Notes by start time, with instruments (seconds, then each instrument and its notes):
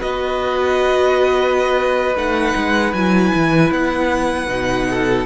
0.00 cello B3, viola F#4, violin B4 D#5
2.15 cello A3, viola D#4, violin F#5
2.56 cello G#3
2.93 cello F#3, viola E4, violin G#5
3.35 cello E3
3.71 cello B3, violin F#5
4.47 cello B2, viola D#4
4.90 violin A4